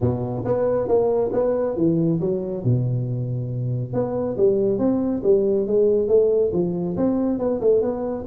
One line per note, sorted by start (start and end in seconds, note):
0.01 0.44 B2
0.45 0.87 B3
0.87 1.31 A#3
1.33 1.76 B3
1.76 2.20 E3
2.20 2.63 F#3
2.63 3.93 B2
3.93 4.36 B3
4.37 4.78 G3
4.78 5.22 C4
5.23 5.66 G3
5.66 6.08 G#3
6.08 6.51 A3
6.52 6.96 F3
6.96 7.38 C4
7.38 7.60 B3
7.60 7.81 A3
7.81 8.25 B3